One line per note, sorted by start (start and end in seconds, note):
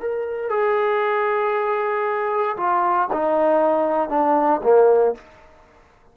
0.00 0.50 A#4
0.50 2.57 G#4
2.57 3.09 F4
3.13 4.09 D#4
4.09 4.61 D4
4.63 5.15 A#3